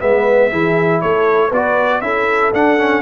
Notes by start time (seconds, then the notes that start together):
0.00 G#3 B3 B4 E5
0.50 E3 E4 G#4
1.01 A3 A4 C#5
1.48 B3 F#4 B4 D5
2.01 C#4 E4 A4 E5
2.53 D4 F#5
2.78 C#4